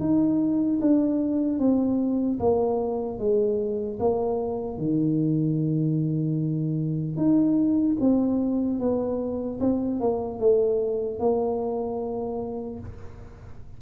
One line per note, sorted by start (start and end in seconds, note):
0.00 0.80 D#4
0.81 1.59 D4
1.59 2.39 C4
2.40 3.19 A#3
3.19 3.99 G#3
4.00 4.78 A#3
4.78 7.17 D#3
7.17 7.97 D#4
8.00 8.80 C4
8.80 9.60 B3
9.60 10.00 C4
10.00 10.40 A#3
10.40 11.20 A3
11.20 12.80 A#3